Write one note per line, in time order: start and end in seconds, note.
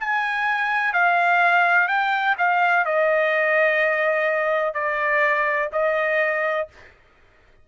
0.00 0.94 G#5
0.94 1.88 F5
1.88 2.35 G5
2.38 2.85 F5
2.85 4.74 D#5
4.74 5.70 D5
5.73 6.68 D#5